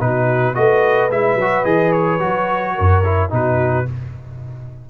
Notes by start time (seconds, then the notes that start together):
0.00 B2 D#4 F#4 B4
0.55 A3 F#4 B4 D#5
1.11 G#3 E4 E5
1.35 F#3
1.42 F#4
1.65 E3 G#4 D#5
1.92 C#5
2.20 F#3 F#4
2.75 F#2 A#4
3.05 E4
3.30 B2 D#4 F#4 B4